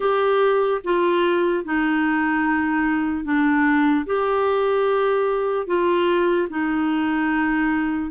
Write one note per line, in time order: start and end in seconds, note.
0.00 0.81 G4
0.84 1.64 F4
1.64 3.24 D#4
3.24 4.05 D4
4.06 5.66 G4
5.66 6.48 F4
6.49 8.10 D#4